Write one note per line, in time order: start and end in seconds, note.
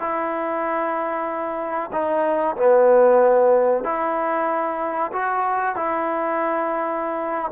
0.00 1.91 E4
1.93 2.56 D#4
2.57 3.84 B3
3.84 5.12 E4
5.13 5.76 F#4
5.76 7.52 E4